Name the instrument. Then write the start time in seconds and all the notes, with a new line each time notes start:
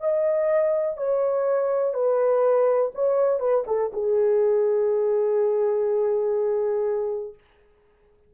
horn
0.00 D#5
0.97 C#5
1.94 B4
2.94 C#5
3.40 B4
3.67 A4
3.93 G#4